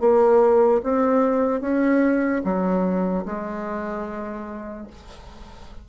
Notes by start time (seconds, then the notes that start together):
0.00 A#3
0.83 C4
1.61 C#4
2.44 F#3
3.25 G#3